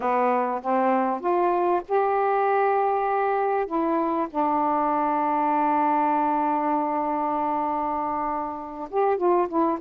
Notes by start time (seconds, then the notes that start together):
0.00 B3
0.62 C4
1.20 F4
1.88 G4
3.66 E4
4.29 D4
8.90 G4
9.17 F4
9.48 E4